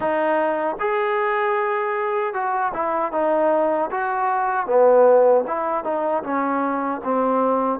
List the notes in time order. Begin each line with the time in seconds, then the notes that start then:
0.00 D#4
0.79 G#4
2.33 F#4
2.73 E4
3.12 D#4
3.90 F#4
4.66 B3
5.47 E4
5.83 D#4
6.23 C#4
7.03 C4